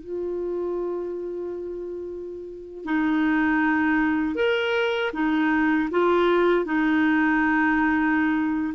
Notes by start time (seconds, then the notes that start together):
0.00 F4
2.85 D#4
4.35 A#4
5.13 D#4
5.91 F4
6.65 D#4